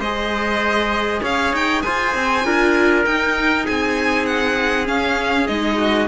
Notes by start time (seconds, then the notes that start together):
0.00 G#3 G#4 C5 D#5
1.22 C#4 C#5 F5
1.53 D#4 G5
1.82 F4 C5 G#5
2.15 C4
2.45 D4 F4 A#4
3.06 D#4 G5
3.65 C4 G#4 G#5
4.26 F#5
4.86 C#4 F5
5.47 G#3 D#4 D#5
5.78 F#4